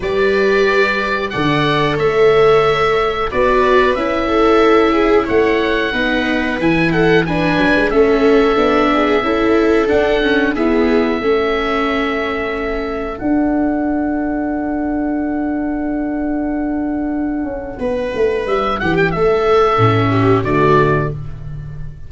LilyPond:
<<
  \new Staff \with { instrumentName = "oboe" } { \time 4/4 \tempo 4 = 91 d''2 fis''4 e''4~ | e''4 d''4 e''2 | fis''2 gis''8 fis''8 gis''4 | e''2. fis''4 |
e''1 | fis''1~ | fis''1 | e''8 fis''16 g''16 e''2 d''4 | }
  \new Staff \with { instrumentName = "viola" } { \time 4/4 b'2 d''4 cis''4~ | cis''4 b'4. a'4 gis'8 | cis''4 b'4. a'8 b'4 | a'4. gis'8 a'2 |
gis'4 a'2.~ | a'1~ | a'2. b'4~ | b'8 g'8 a'4. g'8 fis'4 | }
  \new Staff \with { instrumentName = "viola" } { \time 4/4 g'2 a'2~ | a'4 fis'4 e'2~ | e'4 dis'4 e'4 d'4 | cis'4 d'4 e'4 d'8 cis'8 |
b4 cis'2. | d'1~ | d'1~ | d'2 cis'4 a4 | }
  \new Staff \with { instrumentName = "tuba" } { \time 4/4 g2 d4 a4~ | a4 b4 cis'2 | a4 b4 e4. fis16 gis16 | a4 b4 cis'4 d'4 |
e'4 a2. | d'1~ | d'2~ d'8 cis'8 b8 a8 | g8 e8 a4 a,4 d4 | }
>>